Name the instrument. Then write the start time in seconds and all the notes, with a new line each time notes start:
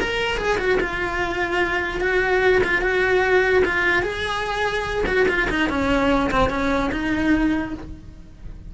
cello
0.00 A#4
0.37 G#4
0.58 F#4
0.80 F4
2.00 F#4
2.64 F4
2.81 F#4
3.65 F4
4.03 G#4
5.06 F#4
5.28 F4
5.50 D#4
5.69 C#4
6.31 C4
6.50 C#4
6.92 D#4